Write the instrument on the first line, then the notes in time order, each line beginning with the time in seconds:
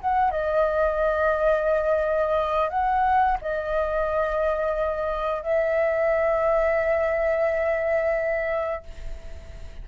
flute
0.00 F#5
0.31 D#5
2.69 F#5
3.41 D#5
5.42 E5